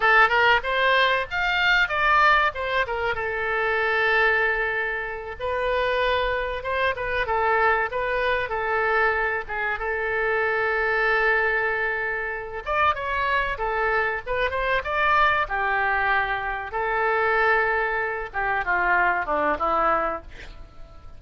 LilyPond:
\new Staff \with { instrumentName = "oboe" } { \time 4/4 \tempo 4 = 95 a'8 ais'8 c''4 f''4 d''4 | c''8 ais'8 a'2.~ | a'8 b'2 c''8 b'8 a'8~ | a'8 b'4 a'4. gis'8 a'8~ |
a'1 | d''8 cis''4 a'4 b'8 c''8 d''8~ | d''8 g'2 a'4.~ | a'4 g'8 f'4 d'8 e'4 | }